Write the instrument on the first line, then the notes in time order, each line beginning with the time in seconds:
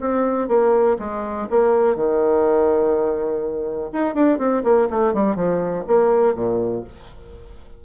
bassoon
0.00 C4
0.48 A#3
0.98 G#3
1.49 A#3
1.95 D#3
3.92 D#4
4.14 D4
4.38 C4
4.63 A#3
4.89 A3
5.13 G3
5.35 F3
5.87 A#3
6.34 A#2